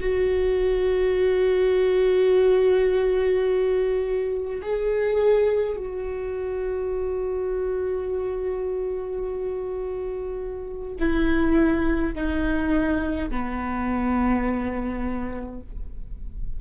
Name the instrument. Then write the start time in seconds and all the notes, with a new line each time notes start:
viola
0.00 F#4
4.62 G#4
5.76 F#4
11.00 E4
12.15 D#4
13.30 B3